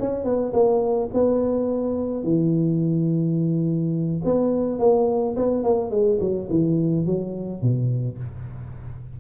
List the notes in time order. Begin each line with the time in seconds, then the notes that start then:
0.00 C#4
0.24 B3
0.53 A#3
1.13 B3
2.23 E3
4.25 B3
4.79 A#3
5.36 B3
5.63 A#3
5.90 G#3
6.20 F#3
6.50 E3
7.06 F#3
7.62 B2